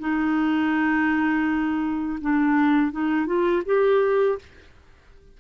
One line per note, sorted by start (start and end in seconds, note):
0.00 2.20 D#4
2.22 2.92 D4
2.92 3.27 D#4
3.27 3.63 F4
3.66 4.39 G4